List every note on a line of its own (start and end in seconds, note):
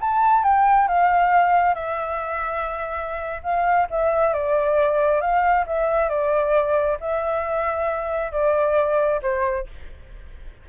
0.00 0.43 A5
0.43 0.87 G5
0.87 1.74 F5
1.74 3.41 E5
3.43 3.87 F5
3.90 4.33 E5
4.33 5.21 D5
5.21 5.65 F5
5.66 6.08 E5
6.08 6.97 D5
7.00 8.31 E5
8.31 9.20 D5
9.22 9.66 C5